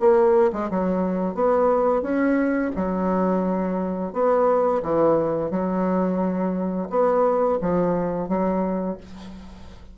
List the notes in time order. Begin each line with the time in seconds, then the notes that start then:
0.00 A#3
0.53 G#3
0.71 F#3
1.35 B3
2.03 C#4
2.76 F#3
4.13 B3
4.83 E3
5.51 F#3
6.90 B3
7.61 F3
8.29 F#3